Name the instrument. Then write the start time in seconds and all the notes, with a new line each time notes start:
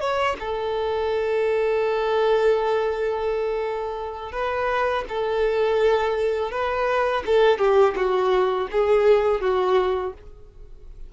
violin
0.00 C#5
0.39 A4
4.32 B4
5.08 A4
6.51 B4
7.26 A4
7.58 G4
7.96 F#4
8.71 G#4
9.41 F#4